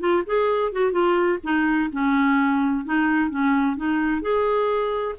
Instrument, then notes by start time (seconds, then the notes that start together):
clarinet
0.00 F4
0.27 G#4
0.73 F#4
0.92 F4
1.44 D#4
1.93 C#4
2.85 D#4
3.30 C#4
3.77 D#4
4.22 G#4